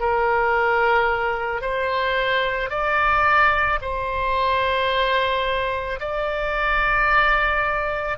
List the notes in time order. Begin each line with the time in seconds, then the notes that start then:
0.00 A#4
1.62 C5
2.70 D5
3.82 C5
6.00 D5